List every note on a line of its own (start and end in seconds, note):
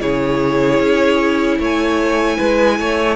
0.00 0.79 C#3
0.00 3.15 E4
0.00 1.58 G#4
0.00 1.58 C#5
0.79 1.58 C#4
1.58 2.37 A3
1.58 2.37 C#5
1.58 3.15 G#5
2.37 2.79 G#3
2.37 2.76 B4
2.79 3.15 A3
2.79 3.15 C#5